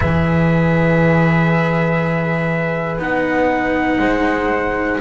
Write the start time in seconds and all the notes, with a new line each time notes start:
0.00 E3 G#4 B4 E5
2.98 B3 D#4 F#5
3.99 G#3 C5